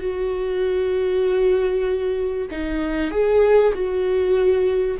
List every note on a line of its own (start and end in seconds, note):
0.00 2.47 F#4
2.51 3.11 D#4
3.11 3.73 G#4
3.74 4.97 F#4